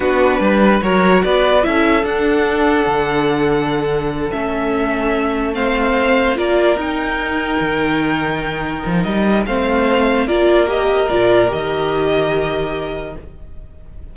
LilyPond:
<<
  \new Staff \with { instrumentName = "violin" } { \time 4/4 \tempo 4 = 146 b'2 cis''4 d''4 | e''4 fis''2.~ | fis''2~ fis''8 e''4.~ | e''4. f''2 d''8~ |
d''8 g''2.~ g''8~ | g''2 dis''4 f''4~ | f''4 d''4 dis''4 d''4 | dis''1 | }
  \new Staff \with { instrumentName = "violin" } { \time 4/4 fis'4 b'4 ais'4 b'4 | a'1~ | a'1~ | a'4. c''2 ais'8~ |
ais'1~ | ais'2. c''4~ | c''4 ais'2.~ | ais'1 | }
  \new Staff \with { instrumentName = "viola" } { \time 4/4 d'2 fis'2 | e'4 d'2.~ | d'2~ d'8 cis'4.~ | cis'4. c'2 f'8~ |
f'8 dis'2.~ dis'8~ | dis'2. c'4~ | c'4 f'4 g'4 f'4 | g'1 | }
  \new Staff \with { instrumentName = "cello" } { \time 4/4 b4 g4 fis4 b4 | cis'4 d'2 d4~ | d2~ d8 a4.~ | a2.~ a8 ais8~ |
ais8 dis'2 dis4.~ | dis4. f8 g4 a4~ | a4 ais2 ais,4 | dis1 | }
>>